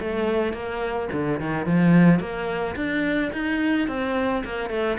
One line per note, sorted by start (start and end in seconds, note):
0.00 0.53 A3
0.53 1.09 A#3
1.13 1.40 D3
1.41 1.66 D#3
1.66 2.20 F3
2.20 2.76 A#3
2.76 3.32 D4
3.33 3.88 D#4
3.88 4.44 C4
4.45 4.70 A#3
4.70 4.98 A3